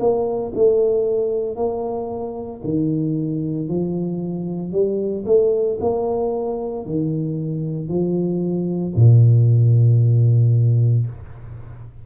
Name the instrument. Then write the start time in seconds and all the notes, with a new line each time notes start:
tuba
0.00 A#3
0.55 A3
1.56 A#3
2.64 D#3
3.69 F3
4.72 G3
5.26 A3
5.81 A#3
6.86 D#3
7.89 F3
8.96 A#2